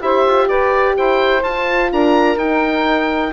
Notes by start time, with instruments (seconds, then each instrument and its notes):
0.00 bassoon E4, horn G4, saxophone C5, oboe E5
0.25 bassoon F4
0.47 bassoon G4, saxophone B4, oboe D5
0.97 bassoon E4, saxophone C5, oboe G5
1.42 bassoon F4, horn F4, oboe A5
1.92 bassoon D4, saxophone A#4, oboe A#5
2.36 bassoon D#4, horn D#4, oboe G5